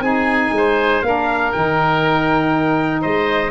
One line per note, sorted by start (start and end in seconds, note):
0.00 0.50 C4
0.00 1.04 D#4
0.00 0.54 G#4
0.00 1.02 G#5
0.52 1.02 G#3
0.52 1.07 C5
1.02 1.52 A#3
1.02 1.54 D4
1.02 3.01 A#4
1.02 1.52 F5
1.52 3.05 D#3
1.52 3.51 D#4
1.52 3.02 G5
3.01 3.51 G#3
3.01 3.51 C5
3.01 3.51 D#5